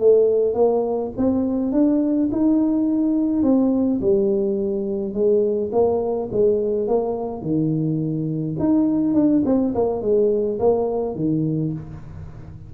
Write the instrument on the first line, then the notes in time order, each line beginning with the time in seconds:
tuba
0.00 A3
0.55 A#3
1.18 C4
1.73 D4
2.32 D#4
3.43 C4
4.01 G3
5.14 G#3
5.72 A#3
6.32 G#3
6.88 A#3
7.42 D#3
8.60 D#4
9.15 D4
9.46 C4
9.76 A#3
10.02 G#3
10.60 A#3
11.16 D#3